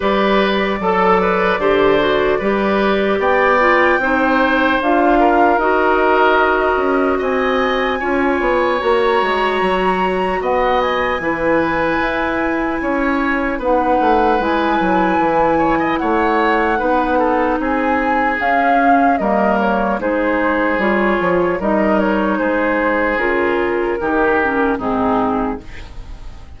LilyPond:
<<
  \new Staff \with { instrumentName = "flute" } { \time 4/4 \tempo 4 = 75 d''1 | g''2 f''4 dis''4~ | dis''4 gis''2 ais''4~ | ais''4 fis''8 gis''2~ gis''8~ |
gis''4 fis''4 gis''2 | fis''2 gis''4 f''4 | dis''8 cis''8 c''4 cis''4 dis''8 cis''8 | c''4 ais'2 gis'4 | }
  \new Staff \with { instrumentName = "oboe" } { \time 4/4 b'4 a'8 b'8 c''4 b'4 | d''4 c''4. ais'4.~ | ais'4 dis''4 cis''2~ | cis''4 dis''4 b'2 |
cis''4 b'2~ b'8 cis''16 dis''16 | cis''4 b'8 a'8 gis'2 | ais'4 gis'2 ais'4 | gis'2 g'4 dis'4 | }
  \new Staff \with { instrumentName = "clarinet" } { \time 4/4 g'4 a'4 g'8 fis'8 g'4~ | g'8 f'8 dis'4 f'4 fis'4~ | fis'2 f'4 fis'4~ | fis'2 e'2~ |
e'4 dis'4 e'2~ | e'4 dis'2 cis'4 | ais4 dis'4 f'4 dis'4~ | dis'4 f'4 dis'8 cis'8 c'4 | }
  \new Staff \with { instrumentName = "bassoon" } { \time 4/4 g4 fis4 d4 g4 | b4 c'4 d'4 dis'4~ | dis'8 cis'8 c'4 cis'8 b8 ais8 gis8 | fis4 b4 e4 e'4 |
cis'4 b8 a8 gis8 fis8 e4 | a4 b4 c'4 cis'4 | g4 gis4 g8 f8 g4 | gis4 cis4 dis4 gis,4 | }
>>